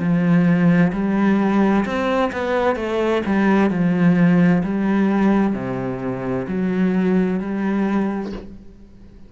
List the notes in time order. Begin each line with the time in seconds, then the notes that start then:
0.00 F3
0.93 G3
1.85 C4
2.32 B3
2.76 A3
3.26 G3
3.70 F3
4.64 G3
5.54 C3
6.48 F#3
7.40 G3